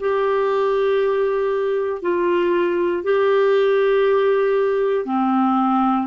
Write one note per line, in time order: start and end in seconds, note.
0.00 2.02 G4
2.02 3.04 F4
3.04 5.06 G4
5.06 6.07 C4